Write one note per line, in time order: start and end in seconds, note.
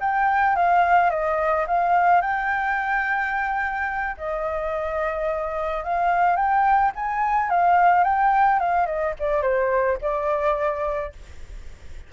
0.00 0.55 G5
0.55 1.10 F5
1.10 1.65 D#5
1.67 2.21 F5
2.21 4.16 G5
4.17 5.84 D#5
5.84 6.36 F5
6.36 6.91 G5
6.95 7.49 G#5
7.49 8.03 F5
8.03 8.59 G5
8.59 8.86 F5
8.86 9.14 D#5
9.19 9.42 D5
9.42 9.97 C5
10.01 11.12 D5